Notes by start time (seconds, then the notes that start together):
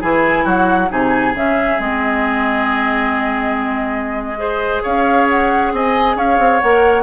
0.00 E3 E4 G#4 G#5
0.44 F#3 F#4 F#5
0.88 C3 D#4 G#4 G#5
1.34 C#3 C#4 E5
1.78 G#3 C4 D#5
4.36 G#4 C5
4.82 C#4 C#5 F5
5.29 F#5
5.72 C4 D#5 G#5
6.15 C#4 C#5 F5
6.38 C4
6.60 A#3 A#4 F#5